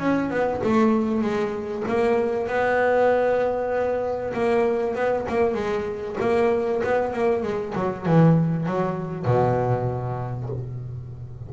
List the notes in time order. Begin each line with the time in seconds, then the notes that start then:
0.00 C#4
0.31 B3
0.64 A3
1.22 G#3
1.88 A#3
2.48 B3
4.34 A#3
4.95 B3
5.29 A#3
5.55 G#3
6.21 A#3
6.84 B3
7.14 A#3
7.43 G#3
7.75 F#3
8.06 E3
8.67 F#3
9.26 B2